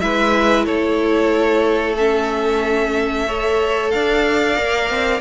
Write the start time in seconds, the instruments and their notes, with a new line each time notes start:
0.00 cello G#3, viola E4, violin B4 E5
0.65 cello A3, violin A4 C#5
1.98 viola C#4, violin E5
3.27 viola A4, violin C#5
3.91 cello D4, violin D5 F5
4.56 cello A#3, viola A#4
4.90 cello C4